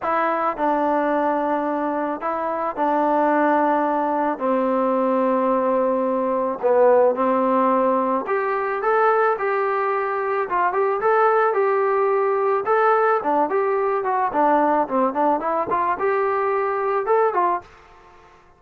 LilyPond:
\new Staff \with { instrumentName = "trombone" } { \time 4/4 \tempo 4 = 109 e'4 d'2. | e'4 d'2. | c'1 | b4 c'2 g'4 |
a'4 g'2 f'8 g'8 | a'4 g'2 a'4 | d'8 g'4 fis'8 d'4 c'8 d'8 | e'8 f'8 g'2 a'8 f'8 | }